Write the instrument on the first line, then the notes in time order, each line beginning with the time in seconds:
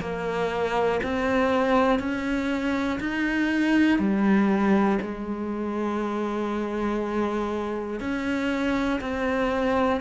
cello
0.00 A#3
1.03 C4
1.99 C#4
3.00 D#4
3.99 G3
5.01 G#3
8.00 C#4
9.00 C4